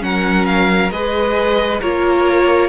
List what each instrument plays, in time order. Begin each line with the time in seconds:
0.00 cello F#3, viola C#4, violin A#4 F#5
0.46 violin F5
0.91 cello G#3, viola G#4, violin B4 D#5
1.81 cello A#3, viola F4, violin A#4 C#5